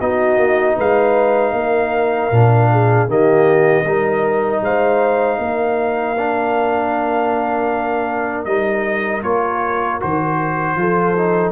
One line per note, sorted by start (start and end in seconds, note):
0.00 0.37 B3
0.00 2.31 D#4
0.00 0.75 F#4
0.00 0.77 D#5
0.37 0.75 A#3
0.75 1.52 G#3
0.75 1.52 B4
0.75 3.10 F5
1.52 2.29 A#3
1.52 2.71 A#4
2.31 3.08 A#2
2.31 3.08 D4
2.71 3.08 G#4
3.08 3.84 D#3
3.08 3.84 A#3
3.08 3.84 G4
3.08 4.63 D#5
3.84 4.61 G3
3.84 6.16 D#4
3.84 4.61 A#4
4.61 5.38 G#3
4.61 5.39 C5
4.61 8.44 F5
5.38 8.45 A#3
5.38 10.77 A#4
6.18 8.46 D4
8.44 9.22 G3
8.44 9.23 D#4
8.44 9.21 D#5
9.22 9.99 A#3
9.22 10.00 F4
9.22 10.00 C#5
10.00 10.75 D#3
10.00 10.76 F#4
10.00 11.51 C5
10.75 11.51 F3
10.75 11.15 F4
10.75 11.51 A4
11.16 11.51 D#4